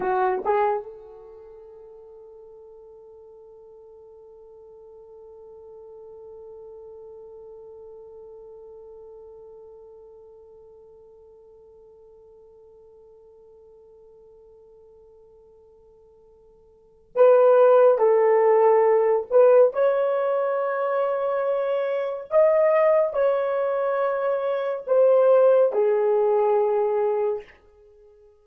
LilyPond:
\new Staff \with { instrumentName = "horn" } { \time 4/4 \tempo 4 = 70 fis'8 gis'8 a'2.~ | a'1~ | a'1~ | a'1~ |
a'1 | b'4 a'4. b'8 cis''4~ | cis''2 dis''4 cis''4~ | cis''4 c''4 gis'2 | }